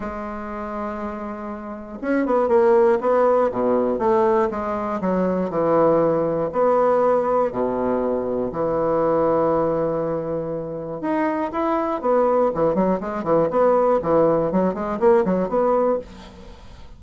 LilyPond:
\new Staff \with { instrumentName = "bassoon" } { \time 4/4 \tempo 4 = 120 gis1 | cis'8 b8 ais4 b4 b,4 | a4 gis4 fis4 e4~ | e4 b2 b,4~ |
b,4 e2.~ | e2 dis'4 e'4 | b4 e8 fis8 gis8 e8 b4 | e4 fis8 gis8 ais8 fis8 b4 | }